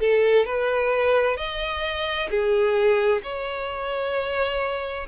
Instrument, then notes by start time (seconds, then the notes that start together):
violin
0.00 A4
0.46 B4
1.37 D#5
2.30 G#4
3.23 C#5